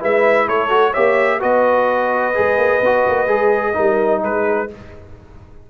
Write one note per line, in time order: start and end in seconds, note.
0.00 0.48 G#3
0.00 0.69 E4
0.00 0.47 B4
0.00 0.49 E5
0.47 0.95 A3
0.47 0.91 A4
0.47 0.94 C#5
0.69 0.93 F#4
0.91 1.43 A#3
0.91 1.40 G4
0.91 1.38 C#5
0.91 1.41 E5
1.40 2.37 B3
1.40 2.34 F#4
1.40 3.75 B4
1.40 4.23 D#5
2.35 2.57 G#3
2.35 2.82 G#4
2.57 2.81 A#3
2.82 3.06 B3
2.82 3.28 F#4
3.08 3.27 A#3
3.27 3.74 G#3
3.27 3.74 G#4
3.74 4.23 G3
3.74 4.68 D#4
3.74 4.22 A#4
4.23 4.70 G#3
4.23 4.71 G#4
4.23 4.70 B4